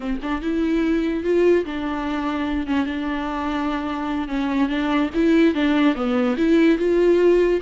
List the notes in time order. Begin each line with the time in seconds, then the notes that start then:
0.00 C4
0.22 D4
0.41 E4
1.23 F4
1.65 D4
2.66 C#4
2.85 D4
4.28 C#4
4.68 D4
5.14 E4
5.54 D4
5.95 B3
6.37 E4
6.78 F4